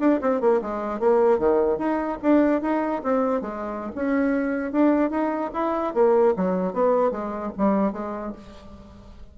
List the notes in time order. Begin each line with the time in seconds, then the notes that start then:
0.00 D4
0.21 C4
0.41 A#3
0.62 G#3
1.00 A#3
1.39 D#3
1.78 D#4
2.22 D4
2.62 D#4
3.03 C4
3.41 G#3
3.95 C#4
4.72 D4
5.11 D#4
5.54 E4
5.94 A#3
6.37 F#3
6.73 B3
7.11 G#3
7.58 G3
7.93 G#3